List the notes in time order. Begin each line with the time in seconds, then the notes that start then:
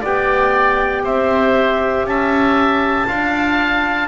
0.00 B3 G4 D5 G5
1.03 C4 C5 E5
2.04 C#4 E5 A5
3.07 D4 F4 F5